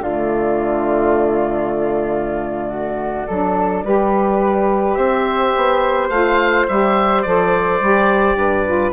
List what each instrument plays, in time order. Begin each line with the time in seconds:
0.00 bassoon D3, saxophone A3, flute F4, oboe D5
2.69 flute F#4
3.27 bassoon F#3, saxophone D4, flute A4
3.84 bassoon G3, saxophone G4, flute B4
4.94 bassoon C4, flute C5, oboe E5
5.56 bassoon B3
6.09 bassoon A3, saxophone F4, oboe F5
6.68 bassoon G3, saxophone G4, oboe E5
7.22 bassoon F3, saxophone A4, oboe D5
7.80 bassoon G3, saxophone G4
8.35 bassoon G2, flute B4
8.66 saxophone F4